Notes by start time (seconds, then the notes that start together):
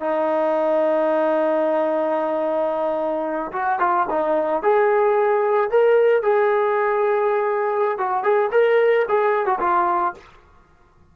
0.00 D#4
3.52 F#4
3.79 F4
4.09 D#4
4.62 G#4
5.70 A#4
6.22 G#4
7.98 F#4
8.23 G#4
8.51 A#4
9.08 G#4
9.45 F#4
9.59 F4